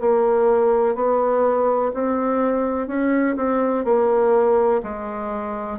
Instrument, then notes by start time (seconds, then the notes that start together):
bassoon
0.00 A#3
0.95 B3
1.94 C4
2.87 C#4
3.36 C4
3.84 A#3
4.83 G#3